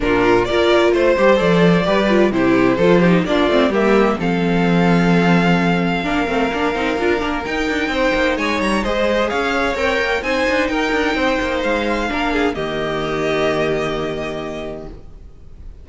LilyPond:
<<
  \new Staff \with { instrumentName = "violin" } { \time 4/4 \tempo 4 = 129 ais'4 d''4 c''4 d''4~ | d''4 c''2 d''4 | e''4 f''2.~ | f''1 |
g''2 gis''8 ais''8 dis''4 | f''4 g''4 gis''4 g''4~ | g''4 f''2 dis''4~ | dis''1 | }
  \new Staff \with { instrumentName = "violin" } { \time 4/4 f'4 ais'4 c''2 | b'4 g'4 a'8 g'8 f'4 | g'4 a'2.~ | a'4 ais'2.~ |
ais'4 c''4 cis''4 c''4 | cis''2 c''4 ais'4 | c''2 ais'8 gis'8 g'4~ | g'1 | }
  \new Staff \with { instrumentName = "viola" } { \time 4/4 d'4 f'4. g'8 a'4 | g'8 f'8 e'4 f'8 dis'8 d'8 c'8 | ais4 c'2.~ | c'4 d'8 c'8 d'8 dis'8 f'8 d'8 |
dis'2. gis'4~ | gis'4 ais'4 dis'2~ | dis'2 d'4 ais4~ | ais1 | }
  \new Staff \with { instrumentName = "cello" } { \time 4/4 ais,4 ais4 a8 g8 f4 | g4 c4 f4 ais8 a8 | g4 f2.~ | f4 ais8 a8 ais8 c'8 d'8 ais8 |
dis'8 d'8 c'8 ais8 gis8 g8 gis4 | cis'4 c'8 ais8 c'8 d'8 dis'8 d'8 | c'8 ais8 gis4 ais4 dis4~ | dis1 | }
>>